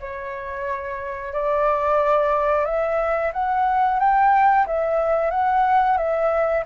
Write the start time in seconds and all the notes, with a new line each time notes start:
0.00 C#5
1.33 D5
2.65 E5
3.33 F#5
3.99 G5
4.66 E5
5.30 F#5
5.97 E5